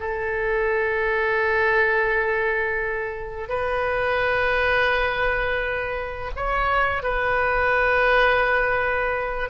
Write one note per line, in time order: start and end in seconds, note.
0.00 3.49 A4
3.49 6.31 B4
6.36 7.03 C#5
7.03 9.49 B4